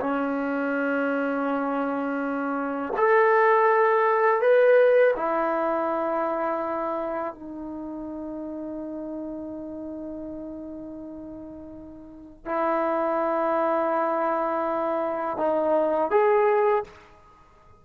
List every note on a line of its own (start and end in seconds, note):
0.00 2.93 C#4
2.97 4.41 A4
4.41 5.14 B4
5.16 7.34 E4
7.34 12.45 D#4
12.45 15.37 E4
15.37 16.10 D#4
16.10 16.84 G#4